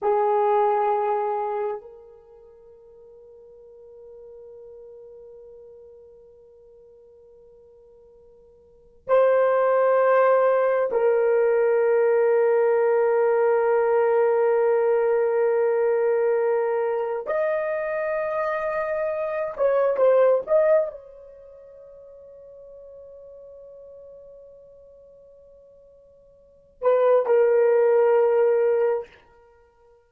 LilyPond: \new Staff \with { instrumentName = "horn" } { \time 4/4 \tempo 4 = 66 gis'2 ais'2~ | ais'1~ | ais'2 c''2 | ais'1~ |
ais'2. dis''4~ | dis''4. cis''8 c''8 dis''8 cis''4~ | cis''1~ | cis''4. b'8 ais'2 | }